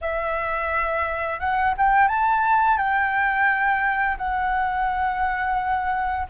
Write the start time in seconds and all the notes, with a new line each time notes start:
0.01 E5
1.39 F#5
1.77 G5
2.08 A5
2.77 G5
4.17 F#5